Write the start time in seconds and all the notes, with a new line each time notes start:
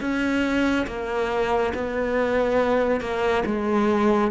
0.00 C#4
0.87 A#3
1.74 B3
3.00 A#3
3.45 G#3